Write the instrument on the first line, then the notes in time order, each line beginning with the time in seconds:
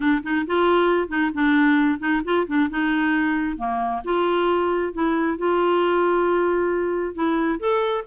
clarinet
0.00 D4
0.23 D#4
0.46 F4
1.08 D#4
1.34 D4
1.99 D#4
2.24 F4
2.47 D4
2.70 D#4
3.57 A#3
4.04 F4
4.93 E4
5.38 F4
7.14 E4
7.59 A4